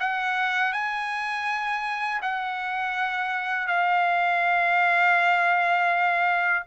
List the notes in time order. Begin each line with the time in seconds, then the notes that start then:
0.00 F#5
0.73 G#5
2.22 F#5
3.67 F5